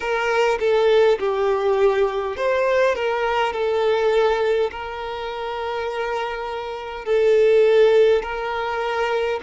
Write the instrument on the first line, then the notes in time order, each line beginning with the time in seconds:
violin
0.00 A#4
0.59 A4
1.19 G4
2.36 C5
2.95 A#4
3.52 A4
4.71 A#4
7.05 A4
8.22 A#4